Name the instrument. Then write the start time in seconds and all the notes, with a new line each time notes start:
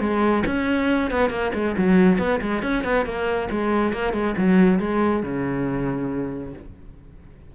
cello
0.00 G#3
0.46 C#4
1.10 B3
1.30 A#3
1.54 G#3
1.77 F#3
2.18 B3
2.41 G#3
2.62 C#4
2.84 B3
3.05 A#3
3.51 G#3
3.93 A#3
4.13 G#3
4.38 F#3
4.79 G#3
5.23 C#3